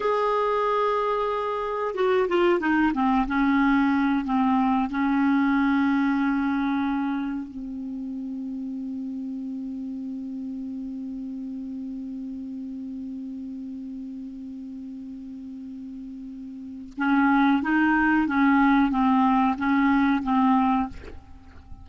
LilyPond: \new Staff \with { instrumentName = "clarinet" } { \time 4/4 \tempo 4 = 92 gis'2. fis'8 f'8 | dis'8 c'8 cis'4. c'4 cis'8~ | cis'2.~ cis'8 c'8~ | c'1~ |
c'1~ | c'1~ | c'2 cis'4 dis'4 | cis'4 c'4 cis'4 c'4 | }